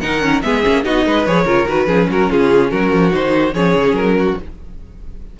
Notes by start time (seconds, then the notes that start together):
0.00 D#3 D#4 A#4 F#5
0.21 C#4
0.42 G#3 B3 G#4 E5
0.63 A#3 C#4
0.83 B3 D#4 F#4 D#5
1.06 G#3 B4
1.26 F3 G#4 C#5
1.45 C#3 F4 A#4
1.67 D#3 F#4 B4
1.87 F3 C#4 G#4
2.09 F#3 F#4 A#4
2.30 C#3 F4 G#4
2.71 F#3 F#4 A#4
2.92 F3
3.11 D#3 D#4 C5
3.54 F3 C#4 G#4 C#5
3.75 C#3
3.92 F#3 A#4
4.19 F#4